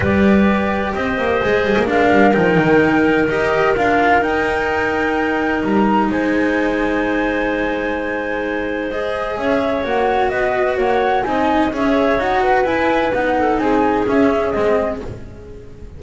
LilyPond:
<<
  \new Staff \with { instrumentName = "flute" } { \time 4/4 \tempo 4 = 128 d''2 dis''2 | f''4 g''2 dis''4 | f''4 g''2. | ais''4 gis''2.~ |
gis''2. dis''4 | e''4 fis''4 dis''4 fis''4 | gis''4 e''4 fis''4 gis''4 | fis''4 gis''4 e''4 dis''4 | }
  \new Staff \with { instrumentName = "clarinet" } { \time 4/4 b'2 c''2 | ais'1~ | ais'1~ | ais'4 c''2.~ |
c''1 | cis''2 b'4 cis''4 | dis''4 cis''4. b'4.~ | b'8 a'8 gis'2. | }
  \new Staff \with { instrumentName = "cello" } { \time 4/4 g'2. gis'4 | d'4 dis'2 g'4 | f'4 dis'2.~ | dis'1~ |
dis'2. gis'4~ | gis'4 fis'2. | dis'4 gis'4 fis'4 e'4 | dis'2 cis'4 c'4 | }
  \new Staff \with { instrumentName = "double bass" } { \time 4/4 g2 c'8 ais8 gis8 g16 ais16 | gis8 g8 f8 dis4. dis'4 | d'4 dis'2. | g4 gis2.~ |
gis1 | cis'4 ais4 b4 ais4 | c'4 cis'4 dis'4 e'4 | b4 c'4 cis'4 gis4 | }
>>